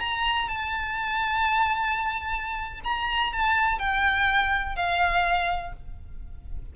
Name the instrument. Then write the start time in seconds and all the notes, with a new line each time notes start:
violin
0.00 A#5
0.49 A5
2.84 A#5
3.33 A5
3.79 G5
4.76 F5